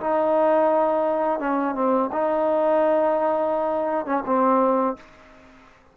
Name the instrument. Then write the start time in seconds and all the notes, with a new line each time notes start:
trombone
0.00 D#4
1.39 C#4
1.74 C4
2.12 D#4
4.05 C#4
4.25 C4